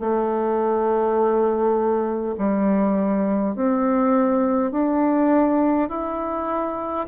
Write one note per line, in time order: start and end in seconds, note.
0.00 2.35 A3
2.38 3.56 G3
3.56 4.72 C4
4.72 5.89 D4
5.89 7.07 E4